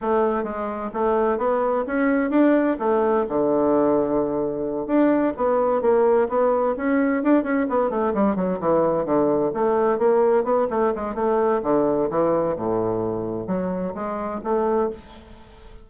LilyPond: \new Staff \with { instrumentName = "bassoon" } { \time 4/4 \tempo 4 = 129 a4 gis4 a4 b4 | cis'4 d'4 a4 d4~ | d2~ d8 d'4 b8~ | b8 ais4 b4 cis'4 d'8 |
cis'8 b8 a8 g8 fis8 e4 d8~ | d8 a4 ais4 b8 a8 gis8 | a4 d4 e4 a,4~ | a,4 fis4 gis4 a4 | }